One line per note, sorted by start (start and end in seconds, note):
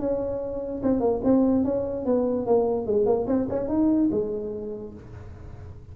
0.00 0.82 C#4
0.84 1.00 C4
1.00 1.21 A#3
1.24 1.65 C4
1.65 2.06 C#4
2.06 2.47 B3
2.47 2.87 A#3
2.87 3.06 G#3
3.06 3.27 A#3
3.27 3.48 C4
3.50 3.69 C#4
3.69 4.10 D#4
4.12 4.94 G#3